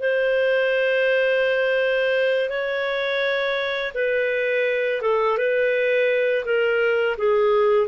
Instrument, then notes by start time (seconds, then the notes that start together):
clarinet
0.00 C5
2.50 C#5
3.94 B4
5.02 A4
5.38 B4
6.45 A#4
7.18 G#4